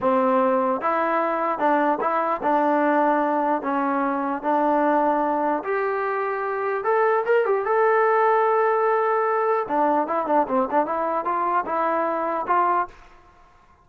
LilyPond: \new Staff \with { instrumentName = "trombone" } { \time 4/4 \tempo 4 = 149 c'2 e'2 | d'4 e'4 d'2~ | d'4 cis'2 d'4~ | d'2 g'2~ |
g'4 a'4 ais'8 g'8 a'4~ | a'1 | d'4 e'8 d'8 c'8 d'8 e'4 | f'4 e'2 f'4 | }